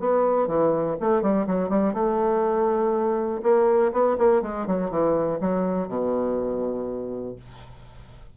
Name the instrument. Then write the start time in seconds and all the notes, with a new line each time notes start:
bassoon
0.00 B3
0.47 E3
1.01 A3
1.22 G3
1.47 F#3
1.69 G3
1.94 A3
3.43 A#3
3.92 B3
4.18 A#3
4.42 G#3
4.67 F#3
4.91 E3
5.41 F#3
5.88 B2